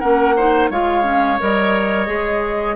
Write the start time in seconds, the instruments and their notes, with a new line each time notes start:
0.00 bassoon A#3, clarinet C#4, oboe A#4, flute F#5
0.37 clarinet D#4, oboe C5
0.71 bassoon G#3, clarinet F4, oboe C#5, flute F5
1.03 clarinet C#4
1.40 bassoon G3, clarinet A#4, flute D#5
2.07 bassoon G#3, clarinet G#4